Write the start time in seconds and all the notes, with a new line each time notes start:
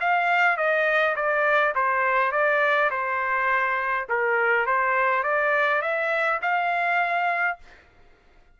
0.00 F5
0.57 D#5
1.15 D5
1.75 C5
2.32 D5
2.90 C5
4.09 A#4
4.66 C5
5.23 D5
5.82 E5
6.42 F5